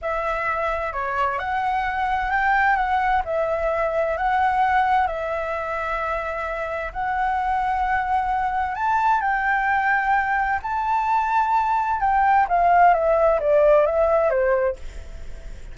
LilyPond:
\new Staff \with { instrumentName = "flute" } { \time 4/4 \tempo 4 = 130 e''2 cis''4 fis''4~ | fis''4 g''4 fis''4 e''4~ | e''4 fis''2 e''4~ | e''2. fis''4~ |
fis''2. a''4 | g''2. a''4~ | a''2 g''4 f''4 | e''4 d''4 e''4 c''4 | }